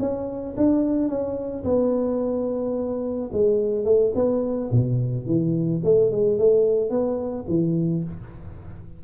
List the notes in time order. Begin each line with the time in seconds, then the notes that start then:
0.00 C#4
0.57 D4
1.08 C#4
1.64 B3
3.32 G#3
3.85 A3
4.15 B3
4.72 B2
5.26 E3
5.84 A3
6.11 G#3
6.38 A3
6.90 B3
7.48 E3